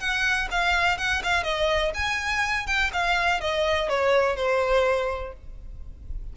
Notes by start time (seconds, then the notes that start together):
0.00 F#5
0.51 F5
0.98 F#5
1.24 F5
1.44 D#5
1.94 G#5
2.67 G5
2.93 F5
3.41 D#5
3.89 C#5
4.36 C5